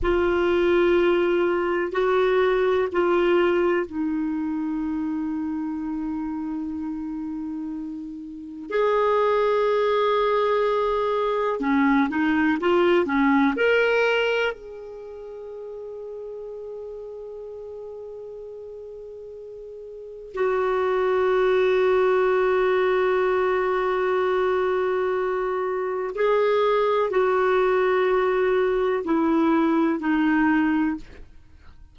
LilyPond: \new Staff \with { instrumentName = "clarinet" } { \time 4/4 \tempo 4 = 62 f'2 fis'4 f'4 | dis'1~ | dis'4 gis'2. | cis'8 dis'8 f'8 cis'8 ais'4 gis'4~ |
gis'1~ | gis'4 fis'2.~ | fis'2. gis'4 | fis'2 e'4 dis'4 | }